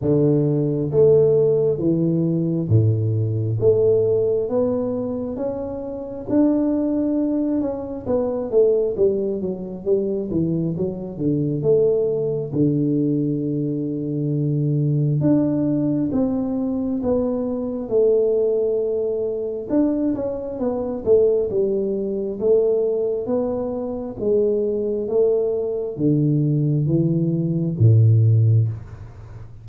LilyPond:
\new Staff \with { instrumentName = "tuba" } { \time 4/4 \tempo 4 = 67 d4 a4 e4 a,4 | a4 b4 cis'4 d'4~ | d'8 cis'8 b8 a8 g8 fis8 g8 e8 | fis8 d8 a4 d2~ |
d4 d'4 c'4 b4 | a2 d'8 cis'8 b8 a8 | g4 a4 b4 gis4 | a4 d4 e4 a,4 | }